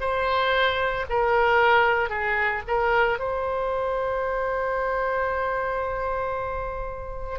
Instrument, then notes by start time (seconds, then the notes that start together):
oboe
0.00 C5
1.10 A#4
2.10 G#4
2.67 A#4
3.19 C5